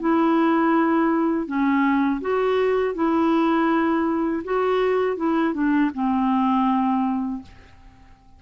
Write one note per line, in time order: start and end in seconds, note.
0.00 1.46 E4
1.46 2.21 C#4
2.21 2.95 F#4
2.95 4.43 E4
4.44 5.16 F#4
5.16 5.54 E4
5.54 5.91 D4
5.94 7.42 C4